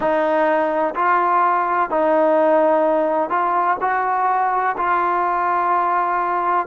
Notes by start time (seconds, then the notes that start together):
0.00 D#4
0.95 F4
1.90 D#4
3.29 F4
3.81 F#4
4.77 F4